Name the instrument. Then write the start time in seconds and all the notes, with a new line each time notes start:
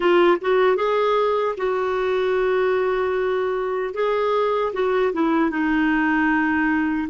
clarinet
0.00 F4
0.41 F#4
0.76 G#4
1.57 F#4
3.93 G#4
4.73 F#4
5.13 E4
5.50 D#4